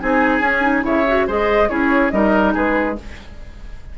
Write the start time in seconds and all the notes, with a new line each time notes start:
0.00 C4 D#4 G#4 G#5
0.40 C#4
0.61 D#4
0.82 C#3 E4 C#5 E5
1.07 F#4
1.27 G#3 G#4 C5 D#5
1.69 C#4 E4 G#4 C#5
2.11 G3 D#4 A#4 D#5
2.53 G#3 G#4 B4